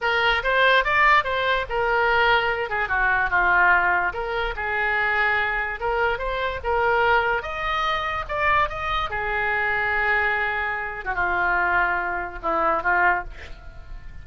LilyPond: \new Staff \with { instrumentName = "oboe" } { \time 4/4 \tempo 4 = 145 ais'4 c''4 d''4 c''4 | ais'2~ ais'8 gis'8 fis'4 | f'2 ais'4 gis'4~ | gis'2 ais'4 c''4 |
ais'2 dis''2 | d''4 dis''4 gis'2~ | gis'2~ gis'8. fis'16 f'4~ | f'2 e'4 f'4 | }